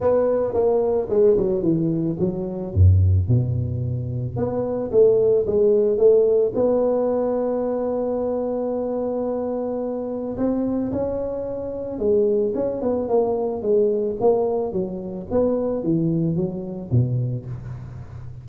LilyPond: \new Staff \with { instrumentName = "tuba" } { \time 4/4 \tempo 4 = 110 b4 ais4 gis8 fis8 e4 | fis4 fis,4 b,2 | b4 a4 gis4 a4 | b1~ |
b2. c'4 | cis'2 gis4 cis'8 b8 | ais4 gis4 ais4 fis4 | b4 e4 fis4 b,4 | }